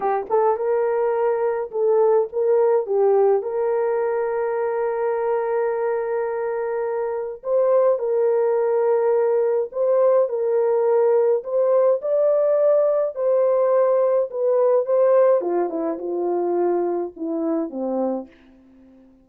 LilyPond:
\new Staff \with { instrumentName = "horn" } { \time 4/4 \tempo 4 = 105 g'8 a'8 ais'2 a'4 | ais'4 g'4 ais'2~ | ais'1~ | ais'4 c''4 ais'2~ |
ais'4 c''4 ais'2 | c''4 d''2 c''4~ | c''4 b'4 c''4 f'8 e'8 | f'2 e'4 c'4 | }